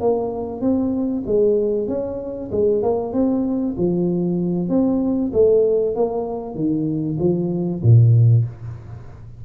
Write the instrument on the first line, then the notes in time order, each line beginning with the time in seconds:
tuba
0.00 A#3
0.61 C4
1.26 G#3
1.88 C#4
2.51 G#3
2.82 A#3
3.13 C4
3.77 F3
4.69 C4
5.33 A3
5.95 A#3
6.55 D#3
7.19 F3
7.82 A#2